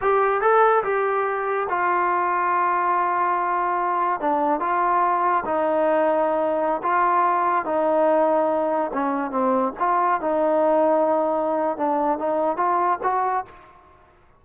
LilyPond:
\new Staff \with { instrumentName = "trombone" } { \time 4/4 \tempo 4 = 143 g'4 a'4 g'2 | f'1~ | f'2 d'4 f'4~ | f'4 dis'2.~ |
dis'16 f'2 dis'4.~ dis'16~ | dis'4~ dis'16 cis'4 c'4 f'8.~ | f'16 dis'2.~ dis'8. | d'4 dis'4 f'4 fis'4 | }